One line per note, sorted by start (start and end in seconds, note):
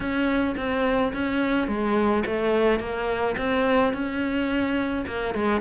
0.00 0.55 C#4
0.56 1.12 C4
1.13 1.67 C#4
1.67 2.23 G#3
2.26 2.79 A3
2.79 3.35 A#3
3.37 3.93 C4
3.93 5.05 C#4
5.06 5.34 A#3
5.34 5.60 G#3